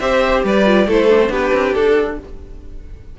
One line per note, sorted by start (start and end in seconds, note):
0.00 0.43 C4
0.00 0.65 G4
0.00 0.45 C5
0.00 0.44 E5
0.44 0.87 G3
0.44 0.88 B4
0.44 0.91 D5
0.65 0.87 F4
0.87 1.30 A3
0.87 1.10 E4
0.87 1.31 A4
0.87 1.33 C5
1.10 1.20 D4
1.20 1.27 C4
1.27 1.52 B3
1.27 2.14 D4
1.27 2.18 G4
1.27 1.74 B4
1.53 1.75 C4
1.74 2.20 D4
1.74 2.18 A4